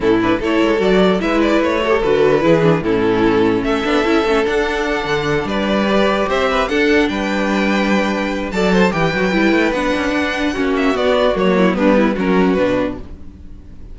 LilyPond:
<<
  \new Staff \with { instrumentName = "violin" } { \time 4/4 \tempo 4 = 148 a'8 b'8 cis''4 d''4 e''8 d''8 | cis''4 b'2 a'4~ | a'4 e''2 fis''4~ | fis''4. d''2 e''8~ |
e''8 fis''4 g''2~ g''8~ | g''4 a''4 g''2 | fis''2~ fis''8 e''8 d''4 | cis''4 b'4 ais'4 b'4 | }
  \new Staff \with { instrumentName = "violin" } { \time 4/4 e'4 a'2 b'4~ | b'8 a'4. gis'4 e'4~ | e'4 a'2.~ | a'4. b'2 c''8 |
b'8 a'4 b'2~ b'8~ | b'4 d''8 c''8 b'2~ | b'2 fis'2~ | fis'8 e'8 d'8 e'8 fis'2 | }
  \new Staff \with { instrumentName = "viola" } { \time 4/4 cis'8 d'8 e'4 fis'4 e'4~ | e'8 fis'16 g'16 fis'4 e'8 d'8 cis'4~ | cis'4. d'8 e'8 cis'8 d'4~ | d'2~ d'8 g'4.~ |
g'8 d'2.~ d'8~ | d'4 a'4 g'8 fis'8 e'4 | d'2 cis'4 b4 | ais4 b4 cis'4 d'4 | }
  \new Staff \with { instrumentName = "cello" } { \time 4/4 a,4 a8 gis8 fis4 gis4 | a4 d4 e4 a,4~ | a,4 a8 b8 cis'8 a8 d'4~ | d'8 d4 g2 c'8~ |
c'8 d'4 g2~ g8~ | g4 fis4 e8 fis8 g8 a8 | b8 cis'8 d'4 ais4 b4 | fis4 g4 fis4 b,4 | }
>>